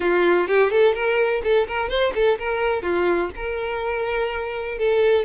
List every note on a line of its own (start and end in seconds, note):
0.00 0.47 F4
0.47 0.70 G4
0.70 0.94 A4
0.94 1.42 A#4
1.43 1.67 A4
1.67 1.89 A#4
1.89 2.13 C5
2.14 2.38 A4
2.38 2.82 A#4
2.82 3.30 F4
3.35 4.78 A#4
4.78 5.24 A4